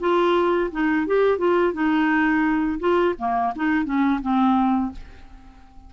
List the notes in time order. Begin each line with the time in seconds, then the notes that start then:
0.00 F4
0.72 D#4
1.07 G4
1.38 F4
1.74 D#4
2.80 F4
3.19 A#3
3.56 D#4
3.85 C#4
4.22 C4